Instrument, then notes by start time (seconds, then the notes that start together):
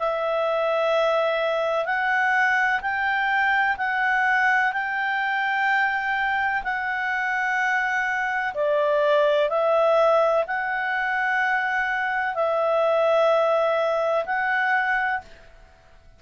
clarinet
0.00 E5
1.86 F#5
2.82 G5
3.78 F#5
4.73 G5
6.64 F#5
8.55 D5
9.50 E5
10.47 F#5
12.35 E5
14.26 F#5